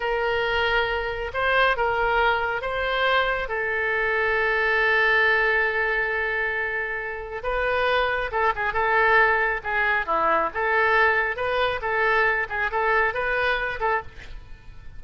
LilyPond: \new Staff \with { instrumentName = "oboe" } { \time 4/4 \tempo 4 = 137 ais'2. c''4 | ais'2 c''2 | a'1~ | a'1~ |
a'4 b'2 a'8 gis'8 | a'2 gis'4 e'4 | a'2 b'4 a'4~ | a'8 gis'8 a'4 b'4. a'8 | }